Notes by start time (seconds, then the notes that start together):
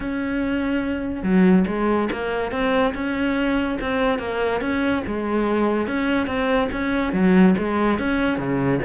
0.00 C#4
1.23 F#3
1.67 G#3
2.12 A#3
2.51 C4
2.94 C#4
3.80 C4
4.18 A#3
4.61 C#4
5.07 G#3
5.87 C#4
6.26 C4
6.71 C#4
7.13 F#3
7.58 G#3
7.99 C#4
8.38 C#3